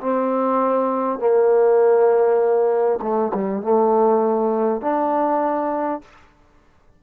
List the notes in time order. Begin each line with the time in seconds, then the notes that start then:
0.00 C4
1.19 A#3
3.01 A3
3.34 G3
3.62 A3
4.81 D4